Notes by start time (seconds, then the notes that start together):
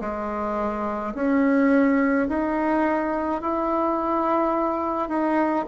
0.00 G#3
1.14 C#4
2.28 D#4
3.41 E4
5.08 D#4